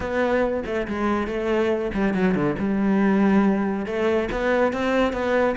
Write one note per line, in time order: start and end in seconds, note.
0.00 0.63 B3
0.65 0.87 A3
0.87 1.27 G#3
1.27 1.91 A3
1.94 2.14 G3
2.14 2.34 F#3
2.34 2.56 D3
2.59 3.86 G3
3.86 4.28 A3
4.31 4.72 B3
4.72 5.12 C4
5.12 5.55 B3